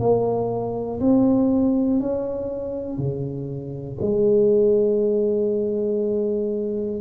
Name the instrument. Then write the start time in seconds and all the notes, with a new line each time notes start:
tuba
0.00 A#3
1.00 C4
2.00 C#4
2.98 C#3
4.01 G#3